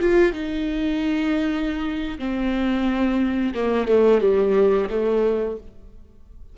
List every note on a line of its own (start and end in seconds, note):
0.00 0.33 F4
0.33 2.18 D#4
2.19 3.54 C4
3.55 3.88 A#3
3.88 4.21 A3
4.21 4.89 G3
4.90 5.57 A3